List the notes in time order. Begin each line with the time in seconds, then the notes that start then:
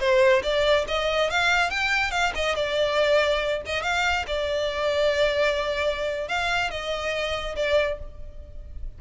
0.00 C5
0.43 D5
0.88 D#5
1.31 F5
1.70 G5
2.11 F5
2.36 D#5
2.56 D5
3.66 D#5
3.83 F5
4.27 D5
6.29 F5
6.71 D#5
7.56 D5